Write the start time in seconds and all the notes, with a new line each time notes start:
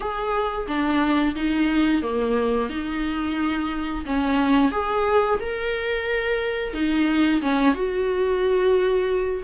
0.00 G#4
0.67 D4
1.35 D#4
2.02 A#3
2.69 D#4
4.05 C#4
4.71 G#4
5.40 A#4
6.73 D#4
7.41 C#4
7.74 F#4